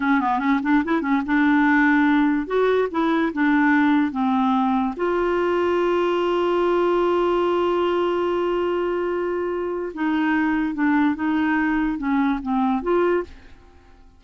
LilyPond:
\new Staff \with { instrumentName = "clarinet" } { \time 4/4 \tempo 4 = 145 cis'8 b8 cis'8 d'8 e'8 cis'8 d'4~ | d'2 fis'4 e'4 | d'2 c'2 | f'1~ |
f'1~ | f'1 | dis'2 d'4 dis'4~ | dis'4 cis'4 c'4 f'4 | }